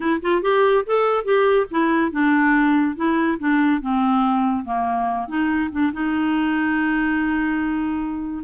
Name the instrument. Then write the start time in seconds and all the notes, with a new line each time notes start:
clarinet
0.00 E4
0.22 F4
0.42 G4
0.86 A4
1.24 G4
1.70 E4
2.11 D4
2.96 E4
3.39 D4
3.81 C4
4.65 A#3
5.27 D#4
5.71 D4
5.92 D#4